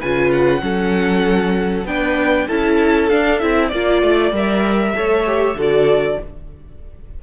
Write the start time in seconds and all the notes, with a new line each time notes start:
0.00 C#3 F4 B4 G#5
0.32 F#5
0.61 F#3 C#4 A4
1.85 B3 D4 B4 G5
2.47 C#4 E4 A4 A5
3.10 D4 F5
3.39 C4 E4 E5
3.69 A#3 F4 D5
4.03 A3
4.32 G3 A#4 E5
4.95 A3 A4 C#5
5.26 G4
5.55 D3 F#4 A4
5.62 D5